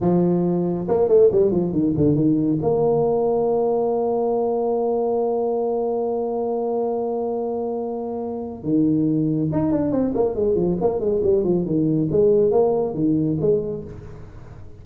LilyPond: \new Staff \with { instrumentName = "tuba" } { \time 4/4 \tempo 4 = 139 f2 ais8 a8 g8 f8 | dis8 d8 dis4 ais2~ | ais1~ | ais1~ |
ais1 | dis2 dis'8 d'8 c'8 ais8 | gis8 f8 ais8 gis8 g8 f8 dis4 | gis4 ais4 dis4 gis4 | }